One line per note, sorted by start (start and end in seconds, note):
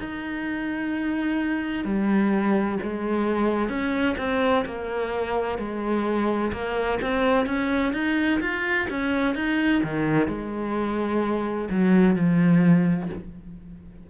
0.00 1.85 D#4
1.85 2.79 G3
2.83 3.69 G#3
3.69 4.16 C#4
4.18 4.65 C4
4.66 5.59 A#3
5.59 6.52 G#3
6.53 7.00 A#3
7.02 7.47 C4
7.47 7.93 C#4
7.94 8.41 D#4
8.41 8.88 F4
8.90 9.36 C#4
9.36 9.83 D#4
9.84 10.29 D#3
10.29 11.69 G#3
11.71 12.16 F#3
12.16 13.10 F3